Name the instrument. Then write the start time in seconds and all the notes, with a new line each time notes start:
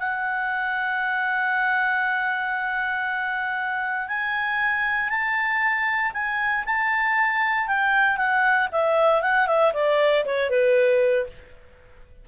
clarinet
0.00 F#5
4.08 G#5
5.10 A5
6.14 G#5
6.66 A5
7.68 G5
8.17 F#5
8.72 E5
9.22 F#5
9.47 E5
9.74 D5
10.26 C#5
10.50 B4